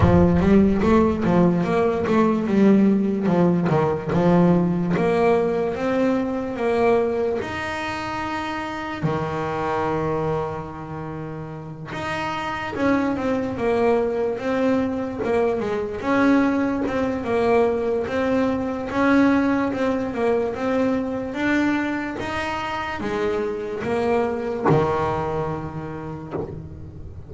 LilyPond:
\new Staff \with { instrumentName = "double bass" } { \time 4/4 \tempo 4 = 73 f8 g8 a8 f8 ais8 a8 g4 | f8 dis8 f4 ais4 c'4 | ais4 dis'2 dis4~ | dis2~ dis8 dis'4 cis'8 |
c'8 ais4 c'4 ais8 gis8 cis'8~ | cis'8 c'8 ais4 c'4 cis'4 | c'8 ais8 c'4 d'4 dis'4 | gis4 ais4 dis2 | }